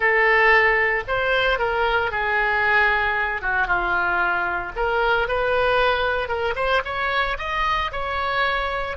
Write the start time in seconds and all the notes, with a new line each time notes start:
0.00 A4
1.07 C5
1.59 A#4
2.11 G#4
3.41 F#4
3.67 F4
4.76 A#4
5.28 B4
6.28 A#4
6.55 C5
6.84 C#5
7.38 D#5
7.91 C#5